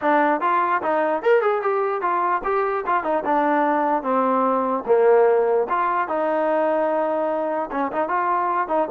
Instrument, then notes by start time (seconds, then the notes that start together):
trombone
0.01 D4
0.41 F4
0.82 D#4
1.22 A#4
1.41 G#4
1.62 G4
2.01 F4
2.43 G4
2.86 F4
3.03 D#4
3.25 D4
4.02 C4
4.86 A#3
5.69 F4
6.08 D#4
7.71 C#4
7.92 D#4
8.08 F4
8.68 D#4